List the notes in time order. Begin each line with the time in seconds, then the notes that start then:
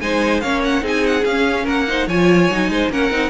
0.00 G#3 D#4 C5 G#5
0.40 A#3 C#4 C#5 F5
0.64 F#5
0.81 C4 D#4 G#4
0.87 G#5
1.06 F#5
1.24 C#4 F5
1.63 A#3 A#4 F#5
1.87 D#4 C5
2.07 F3 F4 C#5 G#5
2.50 F#3 D#4
2.68 G#3 C5
2.90 A#3 C#4 A#4 F#5
3.11 C4 D#4